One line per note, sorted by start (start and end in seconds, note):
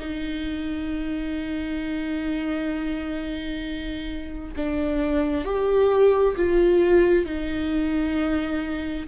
0.00 4.55 D#4
4.56 5.45 D4
5.45 6.36 G4
6.37 7.26 F4
7.26 9.08 D#4